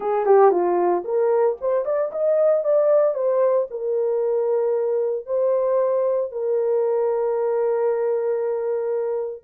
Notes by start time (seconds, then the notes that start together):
0.00 G#4
0.25 G4
0.51 F4
1.04 A#4
1.60 C5
1.85 D5
2.11 D#5
2.64 D5
3.14 C5
3.70 A#4
5.26 C5
6.31 A#4